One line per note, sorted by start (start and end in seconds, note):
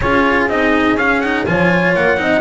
0.00 0.48 C#4
0.00 0.49 F4
0.00 1.47 G#4
0.00 0.47 C#5
0.48 0.96 C4
0.48 0.98 D#4
0.48 0.98 D#5
0.96 1.45 C#4
0.96 1.23 C#4
0.96 1.20 F5
1.20 1.46 D#4
1.20 1.45 F#5
1.46 1.95 F3
1.46 2.17 F4
1.46 2.21 C#5
1.46 1.95 G#5
1.95 2.17 A#3
1.95 2.40 F#5
2.17 2.40 C4
2.17 2.40 D#4
2.17 2.40 D#5